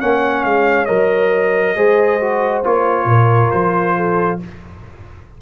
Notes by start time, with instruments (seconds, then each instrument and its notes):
0.00 tuba A#3, trombone C#4, horn C#5, trumpet F#5
0.44 tuba G#3, trumpet F5
0.85 tuba F#3, trombone A#4, trumpet D#5
1.76 tuba G#3, trombone G#4, horn C5
2.21 trombone F#4
2.64 tuba A#3, trombone F4, trumpet C#5
3.06 tuba A#2, horn A#4
3.51 tuba F3, trumpet C5
3.96 horn A4